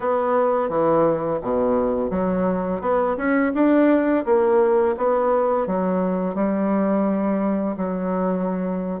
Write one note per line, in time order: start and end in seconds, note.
0.00 0.69 B3
0.69 1.40 E3
1.41 2.10 B2
2.10 2.81 F#3
2.81 3.16 B3
3.17 3.52 C#4
3.54 4.24 D4
4.25 4.95 A#3
4.97 5.67 B3
5.67 6.34 F#3
6.34 7.76 G3
7.76 9.00 F#3